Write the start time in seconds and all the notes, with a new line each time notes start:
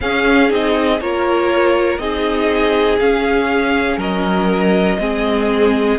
0.00 C#4 G#4 F5
0.49 C4 D#4 D#5
1.00 A#3 F4 A#4 C#5
1.98 C4 D#4 G#4 D#5
2.99 C#4 F5
3.97 F#3 A#4 D#5
4.99 G#3 C4 G#4